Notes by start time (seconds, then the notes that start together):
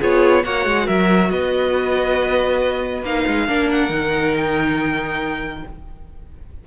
0.00 B3 F4 G#4 C#5
0.44 A#3 F#4 C#5 F#5
0.66 G#3
0.86 F#3 A#4 E5
1.31 B3 B4 D#5
3.04 A#3 D#4 F5
3.28 G#3
3.47 A#3 D4 A#4
3.71 F#5
3.90 D#3 D#4
4.37 G5